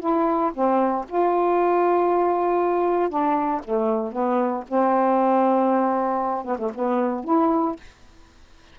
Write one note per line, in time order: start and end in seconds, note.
0.00 0.52 E4
0.54 1.06 C4
1.09 3.10 F4
3.10 3.61 D4
3.65 4.12 A3
4.12 4.64 B3
4.68 6.45 C4
6.45 6.58 B3
6.59 6.72 A3
6.75 7.24 B3
7.24 7.76 E4